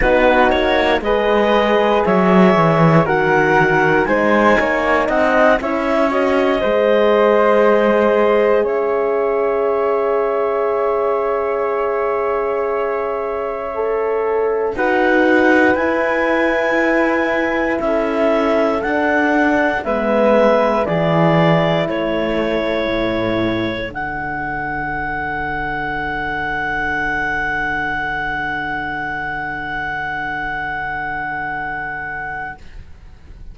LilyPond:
<<
  \new Staff \with { instrumentName = "clarinet" } { \time 4/4 \tempo 4 = 59 b'8 cis''8 dis''4 e''4 fis''4 | gis''4 fis''8 e''8 dis''2~ | dis''8 e''2.~ e''8~ | e''2~ e''8 fis''4 gis''8~ |
gis''4. e''4 fis''4 e''8~ | e''8 d''4 cis''2 fis''8~ | fis''1~ | fis''1 | }
  \new Staff \with { instrumentName = "flute" } { \time 4/4 fis'4 b'4 cis''4 ais'4 | c''8 cis''8 dis''8 cis''4 c''4.~ | c''8 cis''2.~ cis''8~ | cis''2~ cis''8 b'4.~ |
b'4. a'2 b'8~ | b'8 gis'4 a'2~ a'8~ | a'1~ | a'1 | }
  \new Staff \with { instrumentName = "horn" } { \time 4/4 dis'4 gis'2 fis'4 | dis'4. e'8 fis'8 gis'4.~ | gis'1~ | gis'4. a'4 fis'4 e'8~ |
e'2~ e'8 d'4 b8~ | b8 e'2. d'8~ | d'1~ | d'1 | }
  \new Staff \with { instrumentName = "cello" } { \time 4/4 b8 ais8 gis4 fis8 e8 dis4 | gis8 ais8 c'8 cis'4 gis4.~ | gis8 cis'2.~ cis'8~ | cis'2~ cis'8 dis'4 e'8~ |
e'4. cis'4 d'4 gis8~ | gis8 e4 a4 a,4 d8~ | d1~ | d1 | }
>>